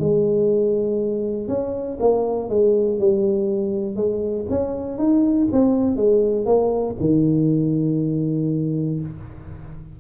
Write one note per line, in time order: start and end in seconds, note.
0.00 1.49 G#3
1.49 1.99 C#4
2.00 2.50 A#3
2.50 3.00 G#3
3.00 3.96 G3
3.96 4.46 G#3
4.50 4.99 C#4
4.99 5.49 D#4
5.52 5.97 C4
5.97 6.46 G#3
6.46 6.96 A#3
7.00 9.00 D#3